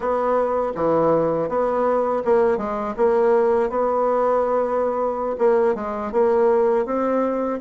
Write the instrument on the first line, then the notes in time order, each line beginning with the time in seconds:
bassoon
0.00 B3
0.75 E3
1.48 B3
2.24 A#3
2.57 G#3
2.96 A#3
3.69 B3
5.38 A#3
5.74 G#3
6.12 A#3
6.85 C4